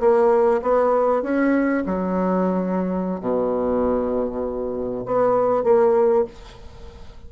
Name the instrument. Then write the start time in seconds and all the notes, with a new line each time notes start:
bassoon
0.00 A#3
0.62 B3
1.22 C#4
1.86 F#3
3.21 B2
5.05 B3
5.63 A#3